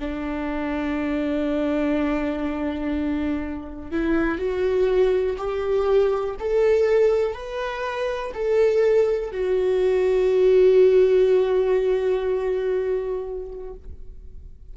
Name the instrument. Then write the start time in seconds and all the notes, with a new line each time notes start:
viola
0.00 D4
3.91 E4
4.38 F#4
5.37 G4
6.40 A4
7.34 B4
8.34 A4
9.32 F#4